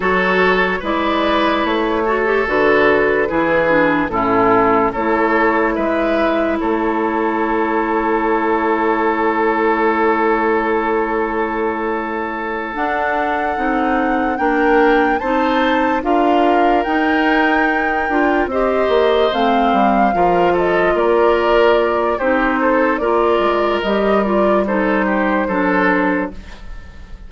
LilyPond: <<
  \new Staff \with { instrumentName = "flute" } { \time 4/4 \tempo 4 = 73 cis''4 d''4 cis''4 b'4~ | b'4 a'4 cis''4 e''4 | cis''1~ | cis''2.~ cis''8 fis''8~ |
fis''4. g''4 a''4 f''8~ | f''8 g''2 dis''4 f''8~ | f''4 dis''8 d''4. c''4 | d''4 dis''8 d''8 c''2 | }
  \new Staff \with { instrumentName = "oboe" } { \time 4/4 a'4 b'4. a'4. | gis'4 e'4 a'4 b'4 | a'1~ | a'1~ |
a'4. ais'4 c''4 ais'8~ | ais'2~ ais'8 c''4.~ | c''8 ais'8 a'8 ais'4. g'8 a'8 | ais'2 a'8 g'8 a'4 | }
  \new Staff \with { instrumentName = "clarinet" } { \time 4/4 fis'4 e'4. fis'16 g'16 fis'4 | e'8 d'8 cis'4 e'2~ | e'1~ | e'2.~ e'8 d'8~ |
d'8 dis'4 d'4 dis'4 f'8~ | f'8 dis'4. f'8 g'4 c'8~ | c'8 f'2~ f'8 dis'4 | f'4 g'8 f'8 dis'4 d'4 | }
  \new Staff \with { instrumentName = "bassoon" } { \time 4/4 fis4 gis4 a4 d4 | e4 a,4 a4 gis4 | a1~ | a2.~ a8 d'8~ |
d'8 c'4 ais4 c'4 d'8~ | d'8 dis'4. d'8 c'8 ais8 a8 | g8 f4 ais4. c'4 | ais8 gis8 g2 fis4 | }
>>